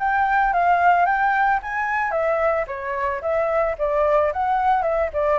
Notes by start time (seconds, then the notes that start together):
0.00 G5
0.54 F5
1.06 G5
1.63 G#5
2.12 E5
2.68 C#5
3.22 E5
3.79 D5
4.33 F#5
4.83 E5
5.14 D5